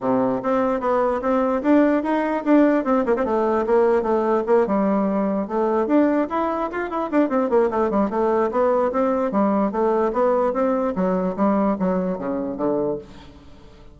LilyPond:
\new Staff \with { instrumentName = "bassoon" } { \time 4/4 \tempo 4 = 148 c4 c'4 b4 c'4 | d'4 dis'4 d'4 c'8 ais16 c'16 | a4 ais4 a4 ais8 g8~ | g4. a4 d'4 e'8~ |
e'8 f'8 e'8 d'8 c'8 ais8 a8 g8 | a4 b4 c'4 g4 | a4 b4 c'4 fis4 | g4 fis4 cis4 d4 | }